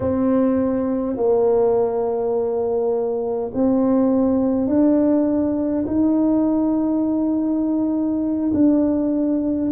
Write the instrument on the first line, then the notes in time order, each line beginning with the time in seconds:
tuba
0.00 C4
1.16 A#3
3.53 C4
4.67 D4
5.87 D#4
8.53 D4